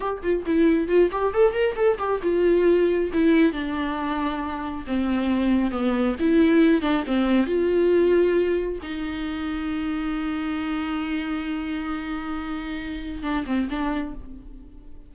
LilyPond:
\new Staff \with { instrumentName = "viola" } { \time 4/4 \tempo 4 = 136 g'8 f'8 e'4 f'8 g'8 a'8 ais'8 | a'8 g'8 f'2 e'4 | d'2. c'4~ | c'4 b4 e'4. d'8 |
c'4 f'2. | dis'1~ | dis'1~ | dis'2 d'8 c'8 d'4 | }